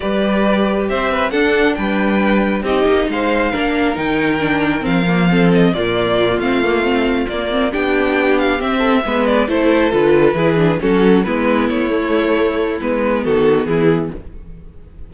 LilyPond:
<<
  \new Staff \with { instrumentName = "violin" } { \time 4/4 \tempo 4 = 136 d''2 e''4 fis''4 | g''2 dis''4 f''4~ | f''4 g''2 f''4~ | f''8 dis''8 d''4. f''4.~ |
f''8 d''4 g''4. f''8 e''8~ | e''4 d''8 c''4 b'4.~ | b'8 a'4 b'4 cis''4.~ | cis''4 b'4 a'4 gis'4 | }
  \new Staff \with { instrumentName = "violin" } { \time 4/4 b'2 c''8 b'8 a'4 | b'2 g'4 c''4 | ais'1 | a'4 f'2.~ |
f'4. g'2~ g'8 | a'8 b'4 a'2 gis'8~ | gis'8 fis'4 e'2~ e'8~ | e'2 fis'4 e'4 | }
  \new Staff \with { instrumentName = "viola" } { \time 4/4 g'2. d'4~ | d'2 dis'2 | d'4 dis'4 d'4 c'8 ais8 | c'4 ais4. c'8 ais8 c'8~ |
c'8 ais8 c'8 d'2 c'8~ | c'8 b4 e'4 f'4 e'8 | d'8 cis'4 b4. a4~ | a4 b2. | }
  \new Staff \with { instrumentName = "cello" } { \time 4/4 g2 c'4 d'4 | g2 c'8 ais8 gis4 | ais4 dis2 f4~ | f4 ais,4. a4.~ |
a8 ais4 b2 c'8~ | c'8 gis4 a4 d4 e8~ | e8 fis4 gis4 a4.~ | a4 gis4 dis4 e4 | }
>>